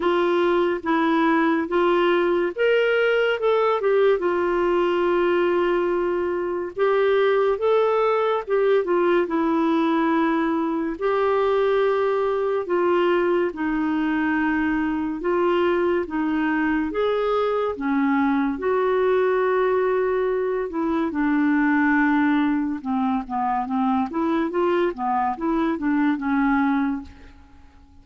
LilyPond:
\new Staff \with { instrumentName = "clarinet" } { \time 4/4 \tempo 4 = 71 f'4 e'4 f'4 ais'4 | a'8 g'8 f'2. | g'4 a'4 g'8 f'8 e'4~ | e'4 g'2 f'4 |
dis'2 f'4 dis'4 | gis'4 cis'4 fis'2~ | fis'8 e'8 d'2 c'8 b8 | c'8 e'8 f'8 b8 e'8 d'8 cis'4 | }